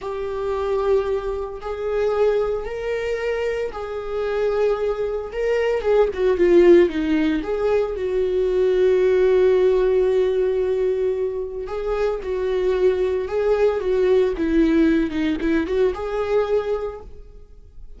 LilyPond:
\new Staff \with { instrumentName = "viola" } { \time 4/4 \tempo 4 = 113 g'2. gis'4~ | gis'4 ais'2 gis'4~ | gis'2 ais'4 gis'8 fis'8 | f'4 dis'4 gis'4 fis'4~ |
fis'1~ | fis'2 gis'4 fis'4~ | fis'4 gis'4 fis'4 e'4~ | e'8 dis'8 e'8 fis'8 gis'2 | }